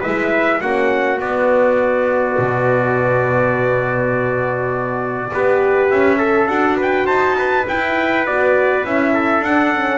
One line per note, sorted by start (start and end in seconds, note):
0.00 0.61 E4
0.00 0.59 B4
0.00 0.62 E5
0.06 0.62 G#3
0.62 1.20 A#3
0.62 1.18 C#4
0.62 5.32 F#4
0.62 1.20 F#5
1.18 5.30 B3
1.18 2.38 B3
1.18 5.91 D5
2.38 5.33 B2
5.33 5.91 B3
5.33 6.19 G4
5.33 6.18 B4
5.91 6.48 C#4
5.91 6.48 E5
6.18 6.76 A4
6.18 6.48 A4
6.48 7.07 D4
6.48 7.66 F#4
6.48 6.78 F#5
6.77 7.06 B4
6.77 7.07 G5
7.06 7.66 D#4
7.06 7.36 C5
7.06 7.66 A5
7.39 9.14 B4
7.68 8.27 E4
7.68 8.26 G5
8.26 8.85 B3
8.26 8.85 F#4
8.26 8.85 D5
8.85 9.41 C#4
8.85 9.44 E4
8.85 9.45 E5
9.14 9.98 A4
9.41 9.98 D4
9.41 9.75 D4
9.41 9.98 F#5
9.75 9.98 C#4